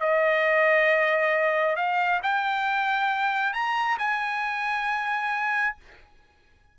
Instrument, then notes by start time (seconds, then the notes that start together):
trumpet
0.00 D#5
1.76 F5
2.23 G5
3.53 A#5
3.98 G#5